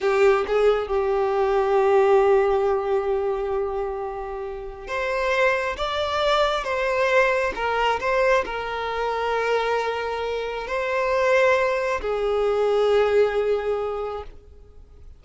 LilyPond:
\new Staff \with { instrumentName = "violin" } { \time 4/4 \tempo 4 = 135 g'4 gis'4 g'2~ | g'1~ | g'2. c''4~ | c''4 d''2 c''4~ |
c''4 ais'4 c''4 ais'4~ | ais'1 | c''2. gis'4~ | gis'1 | }